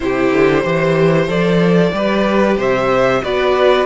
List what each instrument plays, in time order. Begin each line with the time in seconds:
0.00 cello C3, viola E4, violin G4 C5
0.31 cello D3
0.63 cello E3, viola G4, violin C5
1.27 cello F3, viola A4, violin D5
1.92 cello G3, viola G4, violin B4
2.57 cello C3, violin C5 E5
3.23 cello B3, viola F#4, violin B4 D5